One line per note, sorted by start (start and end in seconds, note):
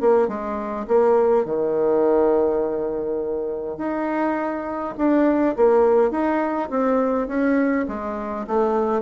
0.00 0.28 A#3
0.28 0.86 G#3
0.87 1.45 A#3
1.45 3.77 D#3
3.77 4.94 D#4
4.97 5.56 D4
5.56 6.11 A#3
6.11 6.69 D#4
6.70 7.27 C4
7.27 7.85 C#4
7.87 8.46 G#3
8.47 9.01 A3